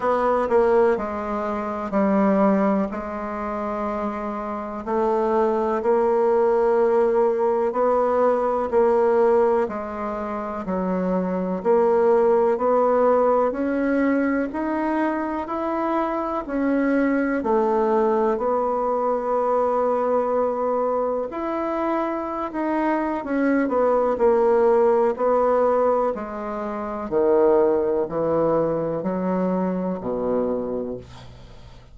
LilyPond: \new Staff \with { instrumentName = "bassoon" } { \time 4/4 \tempo 4 = 62 b8 ais8 gis4 g4 gis4~ | gis4 a4 ais2 | b4 ais4 gis4 fis4 | ais4 b4 cis'4 dis'4 |
e'4 cis'4 a4 b4~ | b2 e'4~ e'16 dis'8. | cis'8 b8 ais4 b4 gis4 | dis4 e4 fis4 b,4 | }